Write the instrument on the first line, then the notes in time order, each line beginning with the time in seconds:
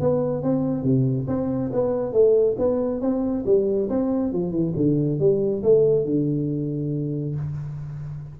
tuba
0.00 B3
0.42 C4
0.83 C3
1.27 C4
1.72 B3
2.12 A3
2.58 B3
3.01 C4
3.45 G3
3.89 C4
4.32 F3
4.51 E3
4.76 D3
5.19 G3
5.63 A3
6.05 D3